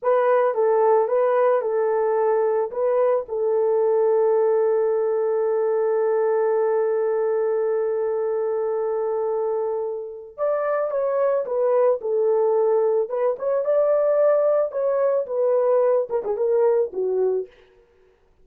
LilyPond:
\new Staff \with { instrumentName = "horn" } { \time 4/4 \tempo 4 = 110 b'4 a'4 b'4 a'4~ | a'4 b'4 a'2~ | a'1~ | a'1~ |
a'2. d''4 | cis''4 b'4 a'2 | b'8 cis''8 d''2 cis''4 | b'4. ais'16 gis'16 ais'4 fis'4 | }